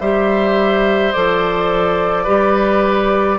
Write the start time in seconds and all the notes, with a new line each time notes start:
0.00 G3 G4 C5 E5
1.12 F3 A4 D5
2.24 G3 G4 B4